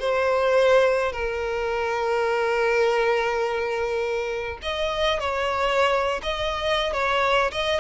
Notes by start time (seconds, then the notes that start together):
0.00 C5
1.12 A#4
4.62 D#5
5.20 C#5
6.23 D#5
6.93 C#5
7.52 D#5